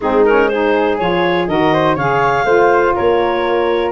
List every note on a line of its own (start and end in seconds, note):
0.00 0.99 G#3
0.00 0.27 C4
0.00 0.50 D#4
0.00 0.25 G#4
0.25 0.51 C#4
0.25 0.48 A#4
0.48 0.99 D#4
0.48 1.49 G#4
0.48 0.97 C5
0.98 1.47 F3
0.98 1.48 F4
0.98 1.47 C#5
1.47 1.96 D#3
1.47 1.97 F#4
1.47 1.73 A#4
1.47 1.96 D#5
1.73 1.95 C5
1.95 2.44 C#3
1.95 2.45 G#4
1.95 2.44 C#5
1.95 2.95 F5
2.44 2.93 A3
2.44 3.91 F4
2.44 2.94 C5
2.94 3.91 A#3
2.94 3.91 A#4
2.94 3.91 C#5